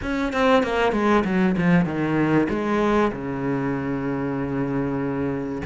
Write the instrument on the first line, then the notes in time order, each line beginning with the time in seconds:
cello
0.02 C#4
0.33 C4
0.62 A#3
0.92 G#3
1.24 F#3
1.57 F3
1.85 D#3
2.49 G#3
3.12 C#3